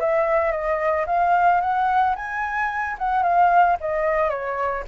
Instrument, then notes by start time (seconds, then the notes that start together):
flute
0.00 E5
0.52 D#5
1.07 F5
1.61 F#5
2.15 G#5
2.98 F#5
3.23 F5
3.80 D#5
4.29 C#5